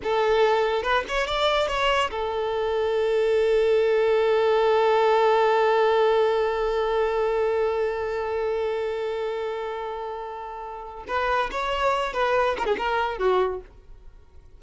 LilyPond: \new Staff \with { instrumentName = "violin" } { \time 4/4 \tempo 4 = 141 a'2 b'8 cis''8 d''4 | cis''4 a'2.~ | a'1~ | a'1~ |
a'1~ | a'1~ | a'2 b'4 cis''4~ | cis''8 b'4 ais'16 gis'16 ais'4 fis'4 | }